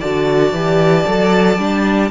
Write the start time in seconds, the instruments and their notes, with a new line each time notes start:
0.00 cello D3, viola F#4, violin D5 A5
0.52 cello E3, viola G4
1.07 cello F#3, viola A4
1.58 cello G3, viola D4